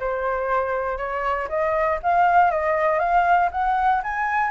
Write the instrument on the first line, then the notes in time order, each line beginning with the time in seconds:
flute
0.00 C5
0.98 C#5
1.49 D#5
2.03 F5
2.51 D#5
2.99 F5
3.52 F#5
4.03 G#5